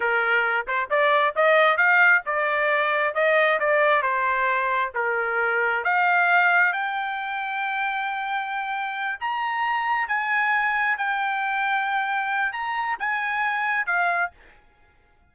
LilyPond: \new Staff \with { instrumentName = "trumpet" } { \time 4/4 \tempo 4 = 134 ais'4. c''8 d''4 dis''4 | f''4 d''2 dis''4 | d''4 c''2 ais'4~ | ais'4 f''2 g''4~ |
g''1~ | g''8 ais''2 gis''4.~ | gis''8 g''2.~ g''8 | ais''4 gis''2 f''4 | }